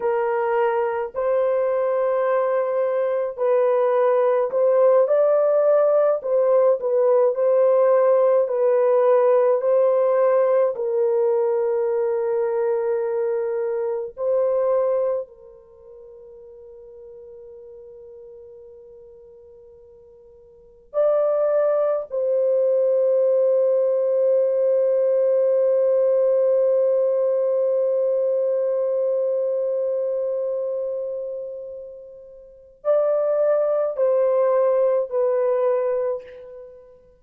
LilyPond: \new Staff \with { instrumentName = "horn" } { \time 4/4 \tempo 4 = 53 ais'4 c''2 b'4 | c''8 d''4 c''8 b'8 c''4 b'8~ | b'8 c''4 ais'2~ ais'8~ | ais'8 c''4 ais'2~ ais'8~ |
ais'2~ ais'8 d''4 c''8~ | c''1~ | c''1~ | c''4 d''4 c''4 b'4 | }